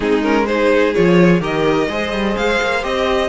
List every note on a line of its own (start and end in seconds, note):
0.00 0.95 G#3
0.00 0.22 C4
0.00 0.44 D#4
0.00 0.23 G#4
0.22 0.46 C#4
0.22 0.46 A#4
0.46 0.94 D#4
0.46 1.41 G#4
0.46 0.93 C5
0.93 1.40 F3
0.93 1.40 F4
0.93 1.41 C#5
1.40 1.87 D#3
1.40 1.88 G4
1.40 1.88 A#4
1.40 2.36 D#5
1.89 2.12 G#3
1.89 2.82 G#4
1.89 3.28 C5
2.12 2.36 G3
2.36 2.60 G#3
2.36 2.83 F5
2.61 2.84 A#3
2.82 3.28 C4
2.82 3.28 G4
2.82 3.28 D#5